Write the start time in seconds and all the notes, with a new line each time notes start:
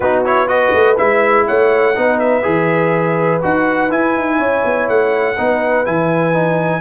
0.00 B3 D#4 F#4 B4
0.25 E4 C#5
0.47 F#4 B4 D#5
0.74 A3
0.97 G#3 E4 E5
1.46 A3 C#5 F#5
1.95 B3 D#4 B4
2.19 E5
2.42 E3 G#4
3.42 D#4 F#4 F#5
3.90 E4 G#5
4.15 D#4
4.37 C#4 C#5
4.64 B3
4.88 A3 F#5
5.36 B3 D#4 B4
5.85 E3 E4 G#5
6.33 D#4